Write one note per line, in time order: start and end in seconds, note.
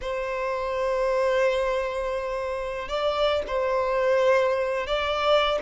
0.01 2.88 C5
2.88 3.42 D5
3.47 4.86 C5
4.86 5.59 D5